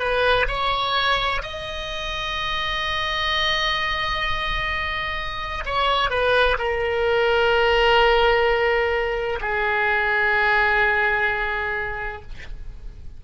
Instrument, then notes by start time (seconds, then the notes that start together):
oboe
0.00 B4
0.48 C#5
1.43 D#5
5.66 C#5
6.10 B4
6.58 A#4
9.41 G#4